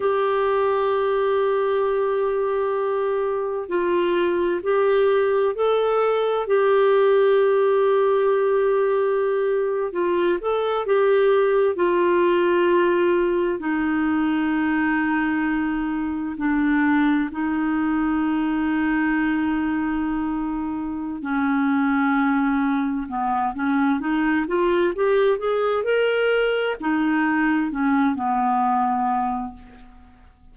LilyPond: \new Staff \with { instrumentName = "clarinet" } { \time 4/4 \tempo 4 = 65 g'1 | f'4 g'4 a'4 g'4~ | g'2~ g'8. f'8 a'8 g'16~ | g'8. f'2 dis'4~ dis'16~ |
dis'4.~ dis'16 d'4 dis'4~ dis'16~ | dis'2. cis'4~ | cis'4 b8 cis'8 dis'8 f'8 g'8 gis'8 | ais'4 dis'4 cis'8 b4. | }